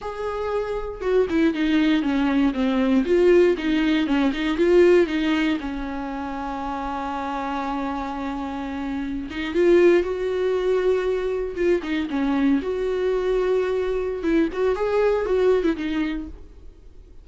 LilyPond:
\new Staff \with { instrumentName = "viola" } { \time 4/4 \tempo 4 = 118 gis'2 fis'8 e'8 dis'4 | cis'4 c'4 f'4 dis'4 | cis'8 dis'8 f'4 dis'4 cis'4~ | cis'1~ |
cis'2~ cis'16 dis'8 f'4 fis'16~ | fis'2~ fis'8. f'8 dis'8 cis'16~ | cis'8. fis'2.~ fis'16 | e'8 fis'8 gis'4 fis'8. e'16 dis'4 | }